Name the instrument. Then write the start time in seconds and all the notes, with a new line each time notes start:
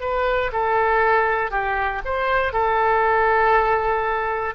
oboe
0.00 B4
0.52 A4
1.50 G4
2.05 C5
2.52 A4